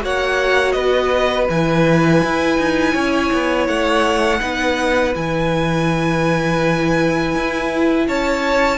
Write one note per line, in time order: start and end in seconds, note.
0.00 0.75 A#3
0.00 1.46 F#4
0.00 0.75 C#5
0.00 0.72 F#5
0.72 1.48 B3
0.72 2.94 B4
0.72 1.45 D#5
1.50 2.23 E3
1.50 4.39 E4
1.50 3.67 G#5
2.23 2.58 E4
2.58 2.94 D#4
2.94 3.31 C#4
2.94 4.40 C#5
3.32 3.68 B3
3.67 4.41 A3
3.67 5.13 F#5
4.39 5.14 B3
4.39 5.12 D#4
4.39 8.06 B4
5.14 7.35 E3
5.14 8.77 E4
5.14 8.08 G#5
7.35 8.08 E4
8.08 8.77 C#4
8.08 8.77 C#5
8.08 8.77 A5